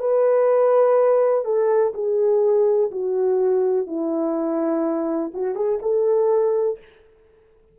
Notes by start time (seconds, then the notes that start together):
0.00 B4
1.45 A4
1.94 G#4
2.92 F#4
3.87 E4
5.34 F#4
5.56 G#4
5.82 A4